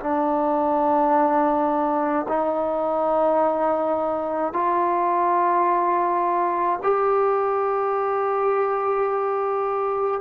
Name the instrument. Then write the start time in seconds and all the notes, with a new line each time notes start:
trombone
0.00 D4
2.28 D#4
4.53 F4
6.83 G4